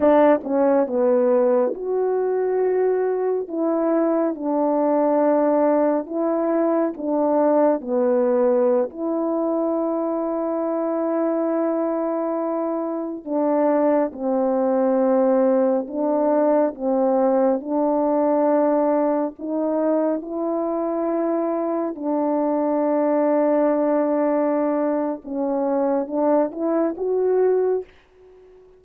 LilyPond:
\new Staff \with { instrumentName = "horn" } { \time 4/4 \tempo 4 = 69 d'8 cis'8 b4 fis'2 | e'4 d'2 e'4 | d'4 b4~ b16 e'4.~ e'16~ | e'2.~ e'16 d'8.~ |
d'16 c'2 d'4 c'8.~ | c'16 d'2 dis'4 e'8.~ | e'4~ e'16 d'2~ d'8.~ | d'4 cis'4 d'8 e'8 fis'4 | }